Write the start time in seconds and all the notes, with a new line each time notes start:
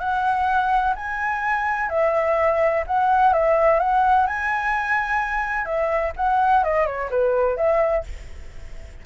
0.00 F#5
0.96 G#5
1.90 E5
2.87 F#5
3.34 E5
3.80 F#5
4.27 G#5
5.66 E5
6.17 F#5
6.64 D#5
6.87 C#5
7.11 B4
7.57 E5